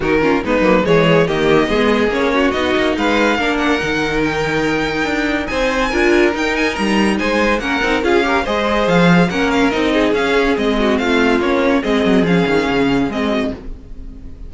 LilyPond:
<<
  \new Staff \with { instrumentName = "violin" } { \time 4/4 \tempo 4 = 142 ais'4 b'4 cis''4 dis''4~ | dis''4 cis''4 dis''4 f''4~ | f''8 fis''4. g''2~ | g''4 gis''2 g''8 gis''8 |
ais''4 gis''4 fis''4 f''4 | dis''4 f''4 fis''8 f''8 dis''4 | f''4 dis''4 f''4 cis''4 | dis''4 f''2 dis''4 | }
  \new Staff \with { instrumentName = "violin" } { \time 4/4 fis'8 f'8 dis'4 gis'4 g'4 | gis'4. fis'4. b'4 | ais'1~ | ais'4 c''4 ais'2~ |
ais'4 c''4 ais'4 gis'8 ais'8 | c''2 ais'4. gis'8~ | gis'4. fis'8 f'2 | gis'2.~ gis'8 fis'8 | }
  \new Staff \with { instrumentName = "viola" } { \time 4/4 dis'8 cis'8 b8 ais8 gis4 ais4 | b4 cis'4 dis'2 | d'4 dis'2.~ | dis'2 f'4 dis'4~ |
dis'2 cis'8 dis'8 f'8 g'8 | gis'2 cis'4 dis'4 | cis'4 c'2 cis'4 | c'4 cis'2 c'4 | }
  \new Staff \with { instrumentName = "cello" } { \time 4/4 dis4 gis8 fis8 e4 dis4 | gis4 ais4 b8 ais8 gis4 | ais4 dis2. | d'4 c'4 d'4 dis'4 |
g4 gis4 ais8 c'8 cis'4 | gis4 f4 ais4 c'4 | cis'4 gis4 a4 ais4 | gis8 fis8 f8 dis8 cis4 gis4 | }
>>